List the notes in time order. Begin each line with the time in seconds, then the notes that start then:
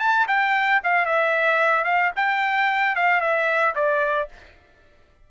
0.00 A5
0.28 G5
0.84 F5
1.06 E5
1.85 F5
2.16 G5
2.96 F5
3.21 E5
3.75 D5